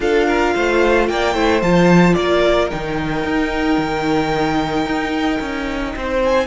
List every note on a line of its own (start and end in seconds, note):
0.00 0.54 D4
0.00 1.34 F4
0.00 0.26 A4
0.00 1.07 F5
0.26 0.53 A#4
0.55 1.09 A3
0.55 1.09 C5
1.07 1.34 A#3
1.07 1.33 D5
1.07 1.61 G5
1.33 1.61 A3
1.33 1.61 E4
1.33 2.15 C5
1.62 2.16 F3
1.62 2.70 F4
1.62 2.14 A5
2.14 2.71 A#3
2.14 5.94 A#4
2.14 2.68 D5
2.70 3.24 D#3
2.70 6.46 D#4
2.70 6.22 G5
3.24 3.78 D#4
3.78 4.85 D#3
4.85 5.39 D#4
5.40 5.94 C#4
5.95 6.46 C4
5.95 6.46 C5
6.24 6.46 G#5